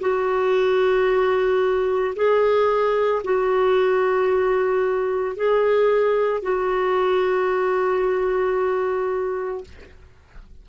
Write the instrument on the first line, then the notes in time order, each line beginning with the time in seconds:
clarinet
0.00 F#4
2.15 G#4
3.24 F#4
5.36 G#4
6.42 F#4